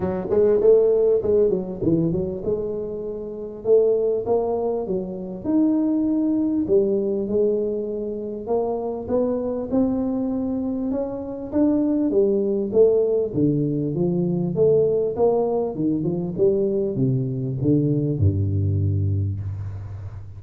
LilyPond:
\new Staff \with { instrumentName = "tuba" } { \time 4/4 \tempo 4 = 99 fis8 gis8 a4 gis8 fis8 e8 fis8 | gis2 a4 ais4 | fis4 dis'2 g4 | gis2 ais4 b4 |
c'2 cis'4 d'4 | g4 a4 d4 f4 | a4 ais4 dis8 f8 g4 | c4 d4 g,2 | }